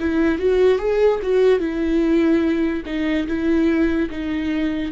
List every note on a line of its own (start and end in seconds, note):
0.00 0.39 E4
0.39 0.79 F#4
0.79 1.20 G#4
1.23 1.60 F#4
1.60 2.83 E4
2.86 3.27 D#4
3.28 4.10 E4
4.11 4.92 D#4